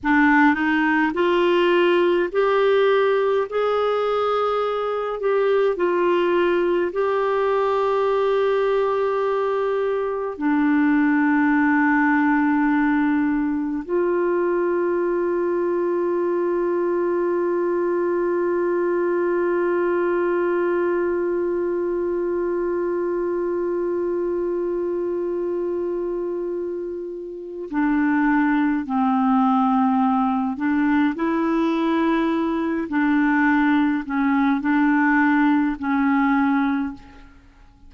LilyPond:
\new Staff \with { instrumentName = "clarinet" } { \time 4/4 \tempo 4 = 52 d'8 dis'8 f'4 g'4 gis'4~ | gis'8 g'8 f'4 g'2~ | g'4 d'2. | f'1~ |
f'1~ | f'1 | d'4 c'4. d'8 e'4~ | e'8 d'4 cis'8 d'4 cis'4 | }